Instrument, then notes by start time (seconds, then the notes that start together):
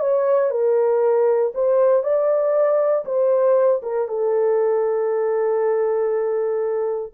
horn
0.00 C#5
0.51 A#4
1.55 C5
2.03 D5
3.06 C5
3.83 A#4
4.08 A4